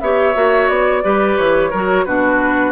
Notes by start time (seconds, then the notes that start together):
0.00 B3 G4 C#5 E5
0.34 A#3 F#4
0.68 B3 D5
1.02 G3 G4 B4
1.37 E3 C#5
1.70 F#3 F#4 A#4
2.05 B2 D4 F#4 B4